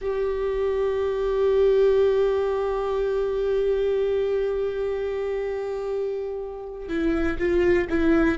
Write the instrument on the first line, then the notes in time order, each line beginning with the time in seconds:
viola
0.01 G4
6.88 E4
7.38 F4
7.89 E4